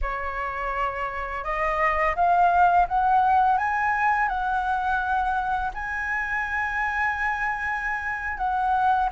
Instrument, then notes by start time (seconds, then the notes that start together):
flute
0.01 C#5
1.44 D#5
2.15 F5
2.88 F#5
3.57 G#5
4.28 F#5
5.74 G#5
8.37 F#5